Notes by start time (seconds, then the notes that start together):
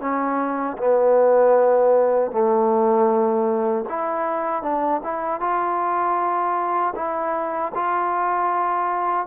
0.00 C#4
0.78 B3
2.31 A3
3.89 E4
4.63 D4
5.03 E4
5.40 F4
6.95 E4
7.74 F4